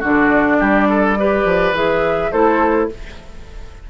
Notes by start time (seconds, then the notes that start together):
0.00 D3 D4 F#4 D5
0.60 G3 G4
0.90 A4
1.19 G4 B4
1.45 F3
1.72 E3 G#4 E5
2.32 A3 E4 A4 C5